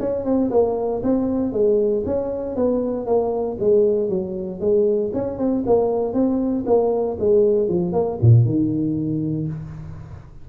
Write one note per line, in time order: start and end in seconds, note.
0.00 0.25 C#4
0.25 0.50 C4
0.51 1.02 A#3
1.03 1.53 C4
1.53 2.04 G#3
2.06 2.56 C#4
2.56 3.07 B3
3.07 3.58 A#3
3.60 4.09 G#3
4.09 4.60 F#3
4.60 5.12 G#3
5.14 5.38 C#4
5.38 5.64 C4
5.66 6.14 A#3
6.14 6.65 C4
6.67 7.18 A#3
7.20 7.69 G#3
7.69 7.93 F3
7.93 8.18 A#3
8.22 8.45 A#2
8.45 9.48 D#3